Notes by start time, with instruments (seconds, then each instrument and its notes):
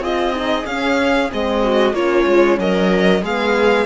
0.00 cello C4, horn F4, viola G#4, violin D#5
0.33 horn D#4
0.66 cello C#4, horn C#4, violin F5
1.30 cello G#3, horn C4, violin D#5
1.63 viola F#4
1.94 cello A#3, horn C#4, viola F4, violin C#5
2.27 cello G#3
2.59 cello F#3, viola A#4, violin D#5
3.23 cello G#3, horn B3, viola G#4, violin F5